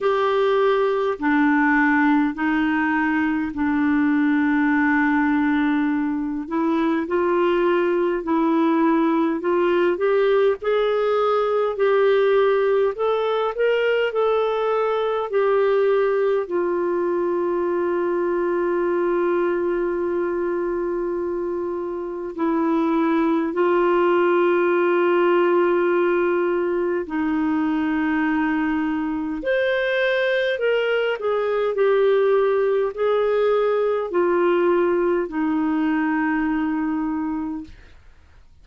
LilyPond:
\new Staff \with { instrumentName = "clarinet" } { \time 4/4 \tempo 4 = 51 g'4 d'4 dis'4 d'4~ | d'4. e'8 f'4 e'4 | f'8 g'8 gis'4 g'4 a'8 ais'8 | a'4 g'4 f'2~ |
f'2. e'4 | f'2. dis'4~ | dis'4 c''4 ais'8 gis'8 g'4 | gis'4 f'4 dis'2 | }